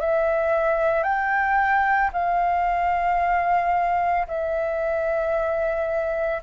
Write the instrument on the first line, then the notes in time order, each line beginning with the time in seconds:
flute
0.00 E5
1.03 G5
2.13 F5
4.28 E5